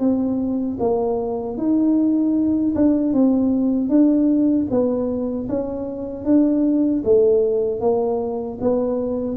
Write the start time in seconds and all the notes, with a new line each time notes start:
0.00 C4
0.80 A#3
1.58 D#4
2.76 D4
3.13 C4
3.90 D4
4.71 B3
5.49 C#4
6.25 D4
7.05 A3
7.81 A#3
8.61 B3